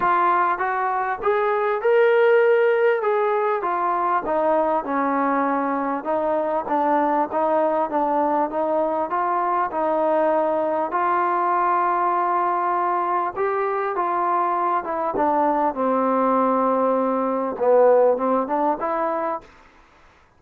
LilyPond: \new Staff \with { instrumentName = "trombone" } { \time 4/4 \tempo 4 = 99 f'4 fis'4 gis'4 ais'4~ | ais'4 gis'4 f'4 dis'4 | cis'2 dis'4 d'4 | dis'4 d'4 dis'4 f'4 |
dis'2 f'2~ | f'2 g'4 f'4~ | f'8 e'8 d'4 c'2~ | c'4 b4 c'8 d'8 e'4 | }